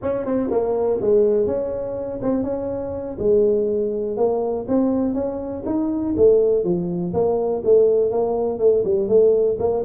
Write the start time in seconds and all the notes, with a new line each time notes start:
0.02 C#4
0.25 C4
0.51 A#3
1.01 G#3
1.46 C#4
2.22 C4
2.43 C#4
3.18 G#3
4.16 A#3
4.68 C4
5.13 C#4
5.65 D#4
6.16 A3
6.63 F3
7.13 A#3
7.64 A3
8.10 A#3
8.58 A3
8.84 G3
9.08 A3
9.59 A#3